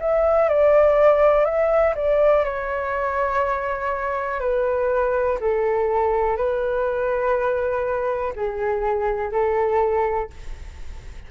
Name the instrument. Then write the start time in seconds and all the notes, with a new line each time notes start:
flute
0.00 E5
0.49 D5
1.45 E5
1.95 D5
2.45 C#5
4.40 B4
5.40 A4
6.37 B4
8.35 G#4
9.31 A4